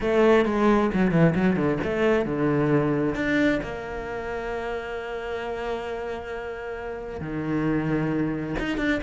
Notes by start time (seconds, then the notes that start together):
0.00 A3
0.45 G#3
0.93 F#3
1.11 E3
1.35 F#3
1.56 D3
1.83 A3
2.25 D3
3.14 D4
3.62 A#3
7.20 D#3
8.59 D#4
8.77 D4